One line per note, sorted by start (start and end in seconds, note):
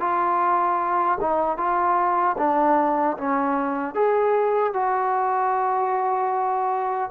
0.00 1.18 F4
1.21 1.57 D#4
1.57 2.36 F4
2.38 3.17 D4
3.17 3.95 C#4
3.95 4.74 G#4
4.74 7.11 F#4